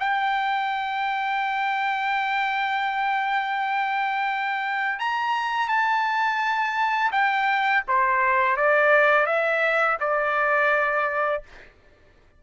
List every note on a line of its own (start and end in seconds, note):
0.00 5.00 G5
5.00 5.68 A#5
5.68 7.11 A5
7.12 7.83 G5
7.88 8.57 C5
8.57 9.26 D5
9.26 9.98 E5
10.00 11.43 D5